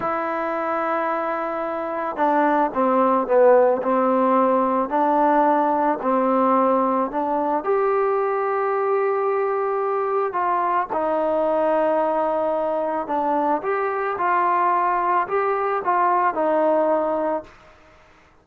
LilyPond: \new Staff \with { instrumentName = "trombone" } { \time 4/4 \tempo 4 = 110 e'1 | d'4 c'4 b4 c'4~ | c'4 d'2 c'4~ | c'4 d'4 g'2~ |
g'2. f'4 | dis'1 | d'4 g'4 f'2 | g'4 f'4 dis'2 | }